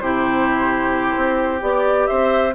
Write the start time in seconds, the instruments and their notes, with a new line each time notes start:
0.00 bassoon C3, clarinet E4, oboe G4, flute C5
1.17 bassoon C4
1.61 bassoon B3, clarinet G4, flute D5
2.07 bassoon C4, oboe C5, flute E5